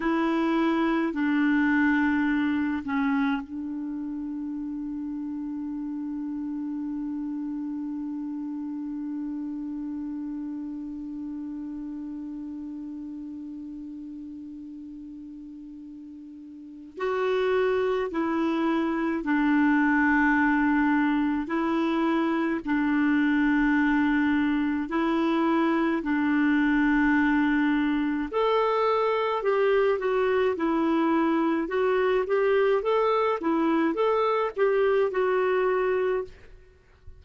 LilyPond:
\new Staff \with { instrumentName = "clarinet" } { \time 4/4 \tempo 4 = 53 e'4 d'4. cis'8 d'4~ | d'1~ | d'1~ | d'2. fis'4 |
e'4 d'2 e'4 | d'2 e'4 d'4~ | d'4 a'4 g'8 fis'8 e'4 | fis'8 g'8 a'8 e'8 a'8 g'8 fis'4 | }